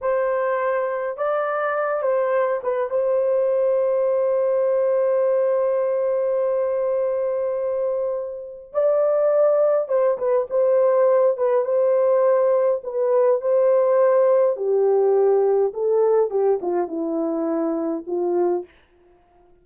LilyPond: \new Staff \with { instrumentName = "horn" } { \time 4/4 \tempo 4 = 103 c''2 d''4. c''8~ | c''8 b'8 c''2.~ | c''1~ | c''2. d''4~ |
d''4 c''8 b'8 c''4. b'8 | c''2 b'4 c''4~ | c''4 g'2 a'4 | g'8 f'8 e'2 f'4 | }